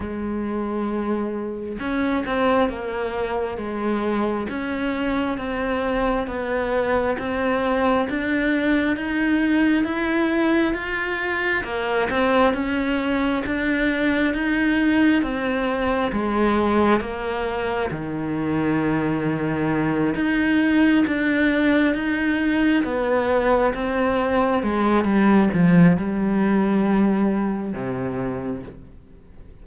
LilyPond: \new Staff \with { instrumentName = "cello" } { \time 4/4 \tempo 4 = 67 gis2 cis'8 c'8 ais4 | gis4 cis'4 c'4 b4 | c'4 d'4 dis'4 e'4 | f'4 ais8 c'8 cis'4 d'4 |
dis'4 c'4 gis4 ais4 | dis2~ dis8 dis'4 d'8~ | d'8 dis'4 b4 c'4 gis8 | g8 f8 g2 c4 | }